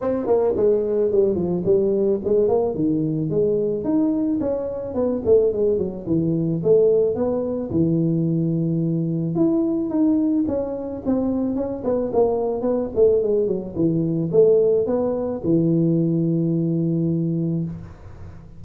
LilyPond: \new Staff \with { instrumentName = "tuba" } { \time 4/4 \tempo 4 = 109 c'8 ais8 gis4 g8 f8 g4 | gis8 ais8 dis4 gis4 dis'4 | cis'4 b8 a8 gis8 fis8 e4 | a4 b4 e2~ |
e4 e'4 dis'4 cis'4 | c'4 cis'8 b8 ais4 b8 a8 | gis8 fis8 e4 a4 b4 | e1 | }